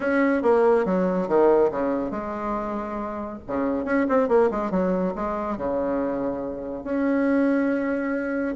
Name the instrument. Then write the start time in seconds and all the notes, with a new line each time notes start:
bassoon
0.00 C#4
0.42 A#3
0.85 F#3
1.28 D#3
1.71 C#3
2.10 G#3
3.47 C#3
3.84 C#4
4.09 C4
4.28 A#3
4.50 G#3
4.70 F#3
5.15 G#3
5.57 C#3
6.84 C#4